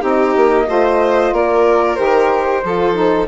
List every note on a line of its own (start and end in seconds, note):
0.00 0.35 C4
0.00 0.65 D#4
0.00 0.66 G4
0.00 1.35 D#5
0.35 0.68 A#3
0.66 1.32 A3
0.66 1.96 F4
0.66 1.33 C5
1.32 1.97 A#3
1.32 2.64 A#4
1.32 1.95 D5
1.95 2.63 D#3
1.95 2.61 G4
1.95 3.25 C5
2.63 3.27 F3
2.63 2.93 F4
2.63 3.27 A4
2.93 3.26 D#4